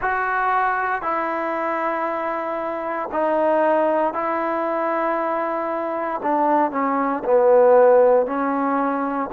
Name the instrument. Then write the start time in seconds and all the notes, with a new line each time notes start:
trombone
0.01 F#4
1.02 E4
3.11 D#4
4.13 E4
6.23 D4
6.71 C#4
7.24 B3
8.26 C#4